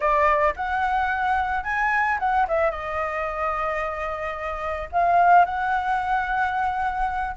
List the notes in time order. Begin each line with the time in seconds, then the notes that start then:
0.00 D5
0.56 F#5
1.63 G#5
2.19 F#5
2.47 E5
2.70 D#5
4.91 F5
5.45 F#5